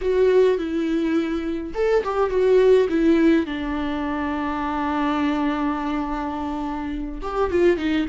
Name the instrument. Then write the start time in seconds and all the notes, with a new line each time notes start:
viola
0.01 F#4
0.58 E4
1.74 A4
2.03 G4
2.29 F#4
2.89 E4
3.46 D4
7.21 G4
7.50 F4
7.77 D#4